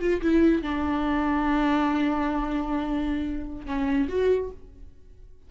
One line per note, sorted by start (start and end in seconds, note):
0.00 0.21 F4
0.22 0.62 E4
0.62 3.66 D4
3.66 4.08 C#4
4.08 4.50 F#4